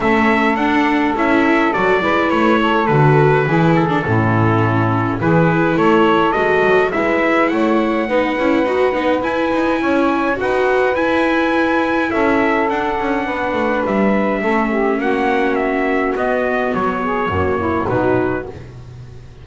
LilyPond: <<
  \new Staff \with { instrumentName = "trumpet" } { \time 4/4 \tempo 4 = 104 e''4 fis''4 e''4 d''4 | cis''4 b'4. a'4.~ | a'4 b'4 cis''4 dis''4 | e''4 fis''2. |
gis''2 fis''4 gis''4~ | gis''4 e''4 fis''2 | e''2 fis''4 e''4 | dis''4 cis''2 b'4 | }
  \new Staff \with { instrumentName = "saxophone" } { \time 4/4 a'2.~ a'8 b'8~ | b'8 a'4. gis'4 e'4~ | e'4 gis'4 a'2 | b'4 cis''4 b'2~ |
b'4 cis''4 b'2~ | b'4 a'2 b'4~ | b'4 a'8 g'8 fis'2~ | fis'4. gis'8 fis'8 e'8 dis'4 | }
  \new Staff \with { instrumentName = "viola" } { \time 4/4 cis'4 d'4 e'4 fis'8 e'8~ | e'4 fis'4 e'8. d'16 cis'4~ | cis'4 e'2 fis'4 | e'2 dis'8 e'8 fis'8 dis'8 |
e'2 fis'4 e'4~ | e'2 d'2~ | d'4 cis'2. | b2 ais4 fis4 | }
  \new Staff \with { instrumentName = "double bass" } { \time 4/4 a4 d'4 cis'4 fis8 gis8 | a4 d4 e4 a,4~ | a,4 e4 a4 gis8 fis8 | gis4 a4 b8 cis'8 dis'8 b8 |
e'8 dis'8 cis'4 dis'4 e'4~ | e'4 cis'4 d'8 cis'8 b8 a8 | g4 a4 ais2 | b4 fis4 fis,4 b,4 | }
>>